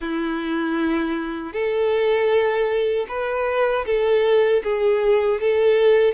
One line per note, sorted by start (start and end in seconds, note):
0.00 1.52 E4
1.52 3.06 A4
3.08 3.85 B4
3.85 4.62 A4
4.63 5.40 G#4
5.41 6.14 A4